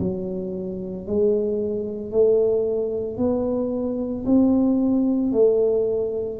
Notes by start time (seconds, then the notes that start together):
0.00 F#3
1.07 G#3
2.12 A3
3.18 B3
4.26 C4
5.33 A3